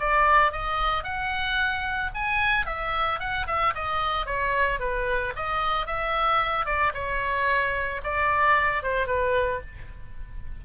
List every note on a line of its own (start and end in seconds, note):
0.00 0.52 D5
0.52 1.04 D#5
1.04 2.11 F#5
2.15 2.66 G#5
2.66 3.20 E5
3.20 3.47 F#5
3.47 3.74 E5
3.75 4.26 D#5
4.26 4.80 C#5
4.80 5.34 B4
5.36 5.87 D#5
5.87 6.66 E5
6.66 6.93 D5
6.94 8.01 C#5
8.04 8.83 D5
8.83 9.07 C5
9.07 9.61 B4